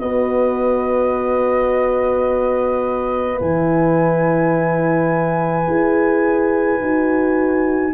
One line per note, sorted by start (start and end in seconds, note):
0.00 3.41 B3
0.00 3.40 F#4
0.00 7.94 B4
0.00 3.40 D#5
3.40 5.67 E3
3.40 5.66 E4
3.40 7.94 G#5
5.67 6.80 E4
5.67 6.80 G#4
6.81 7.94 D#4
6.81 7.94 F#4